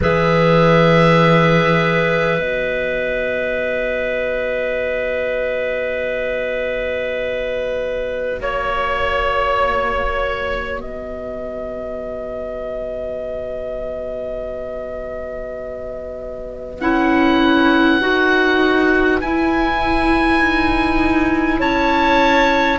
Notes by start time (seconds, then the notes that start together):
0.01 E3 G#4 B4 E5
2.38 B3 F#4 D#5
8.40 A#3 C#5
10.79 B3 B4 D#5
16.80 C#4 E4 F#5
18.00 D#4 F#4
19.21 E4 G#5
20.39 D#4
21.59 C#4 C#5 A5